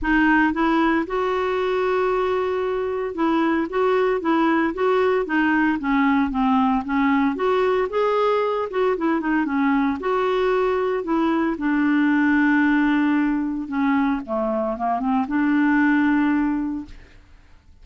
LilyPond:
\new Staff \with { instrumentName = "clarinet" } { \time 4/4 \tempo 4 = 114 dis'4 e'4 fis'2~ | fis'2 e'4 fis'4 | e'4 fis'4 dis'4 cis'4 | c'4 cis'4 fis'4 gis'4~ |
gis'8 fis'8 e'8 dis'8 cis'4 fis'4~ | fis'4 e'4 d'2~ | d'2 cis'4 a4 | ais8 c'8 d'2. | }